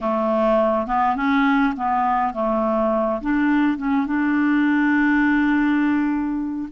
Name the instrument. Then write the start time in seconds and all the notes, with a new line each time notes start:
clarinet
0.00 A3
0.86 B3
1.15 C#4
1.76 B3
2.33 A3
3.21 D4
3.77 C#4
4.06 D4